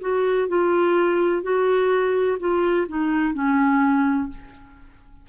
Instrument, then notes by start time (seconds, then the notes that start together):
clarinet
0.00 F#4
0.48 F4
1.42 F#4
2.39 F4
2.88 D#4
3.33 C#4